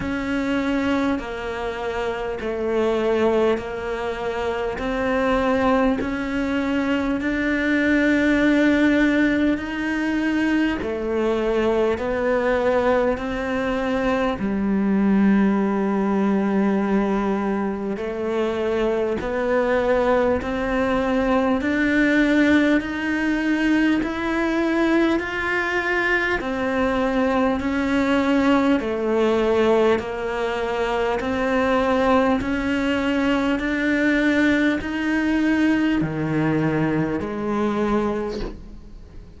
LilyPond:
\new Staff \with { instrumentName = "cello" } { \time 4/4 \tempo 4 = 50 cis'4 ais4 a4 ais4 | c'4 cis'4 d'2 | dis'4 a4 b4 c'4 | g2. a4 |
b4 c'4 d'4 dis'4 | e'4 f'4 c'4 cis'4 | a4 ais4 c'4 cis'4 | d'4 dis'4 dis4 gis4 | }